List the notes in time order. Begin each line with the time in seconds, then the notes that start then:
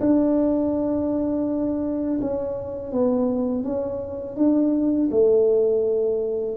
0.00 D4
2.21 C#4
2.92 B3
3.64 C#4
4.36 D4
5.11 A3